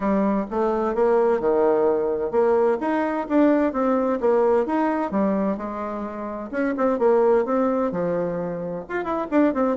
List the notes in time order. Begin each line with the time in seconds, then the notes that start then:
0.00 G3
0.50 A3
0.95 A#3
1.40 D#3
2.31 A#3
2.80 D#4
3.28 D4
3.73 C4
4.20 A#3
4.66 D#4
5.11 G3
5.57 G#3
6.51 C#4
6.77 C4
6.99 A#3
7.45 C4
7.91 F3
8.88 F4
9.04 E4
9.30 D4
9.54 C4